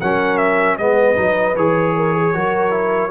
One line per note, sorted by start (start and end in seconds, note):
0.00 0.78 F#3
0.00 0.79 C#4
0.00 0.78 A#4
0.00 0.37 F#5
0.37 0.76 E5
0.78 1.17 G#3
0.78 1.15 B3
0.78 1.96 B4
0.78 1.56 D#5
1.15 1.56 F#3
1.15 1.54 D#4
1.56 2.34 E3
1.56 2.34 G#4
1.56 3.11 C#5
1.96 2.14 A#4
2.14 2.33 G#4
2.34 3.11 F#3
2.34 2.70 F#4
2.34 3.11 A#4
2.70 3.09 E4